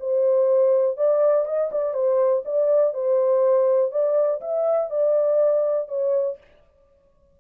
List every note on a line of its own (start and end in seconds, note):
0.00 0.97 C5
0.97 1.46 D5
1.46 1.70 D#5
1.72 1.94 D5
1.94 2.43 C5
2.45 2.94 D5
2.94 3.92 C5
3.92 4.41 D5
4.41 4.90 E5
4.91 5.89 D5
5.89 6.38 C#5